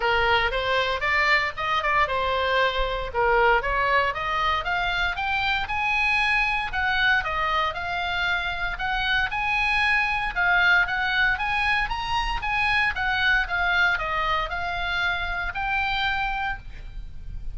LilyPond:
\new Staff \with { instrumentName = "oboe" } { \time 4/4 \tempo 4 = 116 ais'4 c''4 d''4 dis''8 d''8 | c''2 ais'4 cis''4 | dis''4 f''4 g''4 gis''4~ | gis''4 fis''4 dis''4 f''4~ |
f''4 fis''4 gis''2 | f''4 fis''4 gis''4 ais''4 | gis''4 fis''4 f''4 dis''4 | f''2 g''2 | }